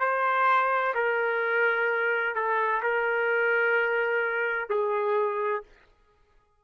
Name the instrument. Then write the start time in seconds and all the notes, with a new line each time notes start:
trumpet
0.00 C5
0.95 A#4
2.35 A4
2.83 A#4
4.70 G#4